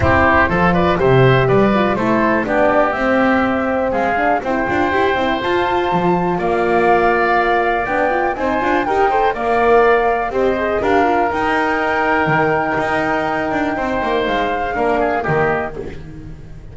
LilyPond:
<<
  \new Staff \with { instrumentName = "flute" } { \time 4/4 \tempo 4 = 122 c''4. d''8 e''4 d''4 | c''4 d''4 e''2 | f''4 g''2 a''4~ | a''4 f''2. |
g''4 gis''4 g''4 f''4~ | f''4 dis''4 f''4 g''4~ | g''1~ | g''4 f''2 dis''4 | }
  \new Staff \with { instrumentName = "oboe" } { \time 4/4 g'4 a'8 b'8 c''4 b'4 | a'4 g'2. | gis'4 c''2.~ | c''4 d''2.~ |
d''4 c''4 ais'8 c''8 d''4~ | d''4 c''4 ais'2~ | ais'1 | c''2 ais'8 gis'8 g'4 | }
  \new Staff \with { instrumentName = "horn" } { \time 4/4 e'4 f'4 g'4. f'8 | e'4 d'4 c'2~ | c'8 d'8 e'8 f'8 g'8 e'8 f'4~ | f'1 |
d'8 f'8 dis'8 f'8 g'8 a'8 ais'4~ | ais'4 g'8 gis'8 g'8 f'8 dis'4~ | dis'1~ | dis'2 d'4 ais4 | }
  \new Staff \with { instrumentName = "double bass" } { \time 4/4 c'4 f4 c4 g4 | a4 b4 c'2 | gis4 c'8 d'8 e'8 c'8 f'4 | f4 ais2. |
b4 c'8 d'8 dis'4 ais4~ | ais4 c'4 d'4 dis'4~ | dis'4 dis4 dis'4. d'8 | c'8 ais8 gis4 ais4 dis4 | }
>>